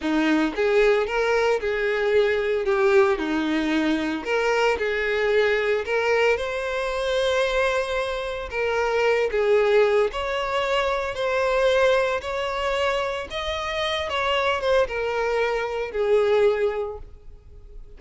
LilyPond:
\new Staff \with { instrumentName = "violin" } { \time 4/4 \tempo 4 = 113 dis'4 gis'4 ais'4 gis'4~ | gis'4 g'4 dis'2 | ais'4 gis'2 ais'4 | c''1 |
ais'4. gis'4. cis''4~ | cis''4 c''2 cis''4~ | cis''4 dis''4. cis''4 c''8 | ais'2 gis'2 | }